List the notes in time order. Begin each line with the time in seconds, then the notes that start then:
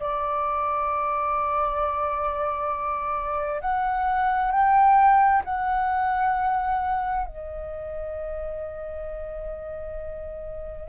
0.00 D5
3.61 F#5
4.52 G5
5.45 F#5
7.26 D#5